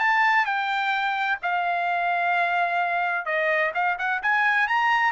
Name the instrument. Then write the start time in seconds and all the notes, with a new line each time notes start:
trumpet
0.00 A5
0.46 G5
1.43 F5
3.26 D#5
3.75 F5
3.98 F#5
4.23 G#5
4.68 A#5